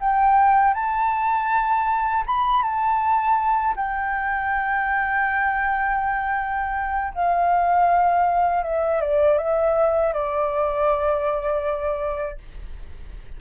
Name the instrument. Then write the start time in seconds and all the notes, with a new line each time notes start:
flute
0.00 G5
0.74 A5
2.26 B5
2.62 A5
3.76 G5
7.14 F5
8.64 E5
9.01 D5
9.38 E5
10.13 D5